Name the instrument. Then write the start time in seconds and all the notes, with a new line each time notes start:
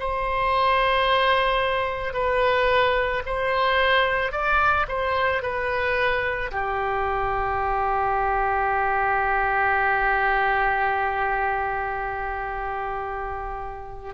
oboe
0.00 C5
2.14 B4
3.26 C5
4.32 D5
4.88 C5
5.42 B4
6.52 G4